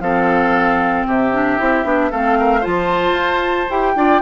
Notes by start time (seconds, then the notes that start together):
0.00 F3 C4 A4 F5
1.07 C3 G4 E5
1.32 D4
1.58 C4 E4
1.84 B3 D4
2.11 A3 C4 A4 F5
2.40 A#4
2.61 F3 F4 C5 A5
3.13 F4
3.70 E4 G4 G5
3.96 D4 F4 D5